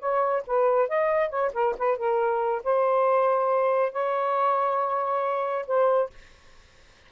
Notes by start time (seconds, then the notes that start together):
0.00 C#5
0.47 B4
0.89 D#5
1.30 C#5
1.54 A#4
1.78 B4
1.98 A#4
2.64 C5
3.92 C#5
5.67 C5